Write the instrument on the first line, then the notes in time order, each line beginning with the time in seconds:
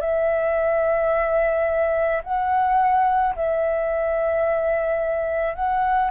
flute
0.00 E5
2.24 F#5
3.35 E5
5.55 F#5